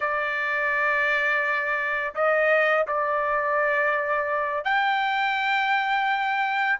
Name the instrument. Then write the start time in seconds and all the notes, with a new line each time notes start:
trumpet
0.00 D5
2.14 D#5
2.87 D5
4.64 G5